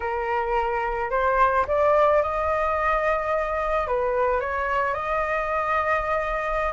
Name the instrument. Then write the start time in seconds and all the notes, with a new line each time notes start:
flute
0.00 A#4
1.10 C5
1.67 D5
2.22 D#5
3.87 B4
4.40 C#5
4.93 D#5